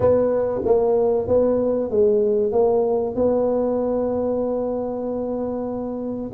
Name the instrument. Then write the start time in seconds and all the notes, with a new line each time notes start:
tuba
0.00 B3
0.64 A#3
1.27 B3
1.90 G#3
2.51 A#3
3.15 B3